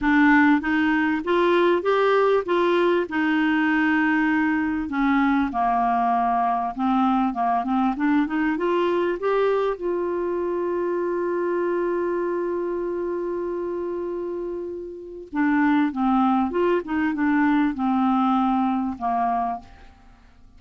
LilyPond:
\new Staff \with { instrumentName = "clarinet" } { \time 4/4 \tempo 4 = 98 d'4 dis'4 f'4 g'4 | f'4 dis'2. | cis'4 ais2 c'4 | ais8 c'8 d'8 dis'8 f'4 g'4 |
f'1~ | f'1~ | f'4 d'4 c'4 f'8 dis'8 | d'4 c'2 ais4 | }